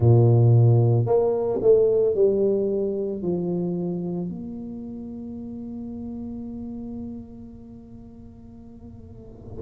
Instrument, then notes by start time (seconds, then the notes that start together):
tuba
0.00 A#2
1.06 A#3
1.61 A3
2.14 G3
3.21 F3
4.29 A#3